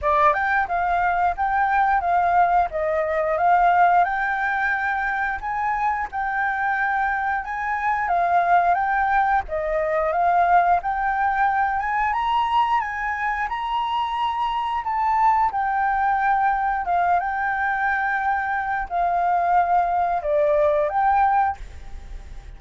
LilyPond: \new Staff \with { instrumentName = "flute" } { \time 4/4 \tempo 4 = 89 d''8 g''8 f''4 g''4 f''4 | dis''4 f''4 g''2 | gis''4 g''2 gis''4 | f''4 g''4 dis''4 f''4 |
g''4. gis''8 ais''4 gis''4 | ais''2 a''4 g''4~ | g''4 f''8 g''2~ g''8 | f''2 d''4 g''4 | }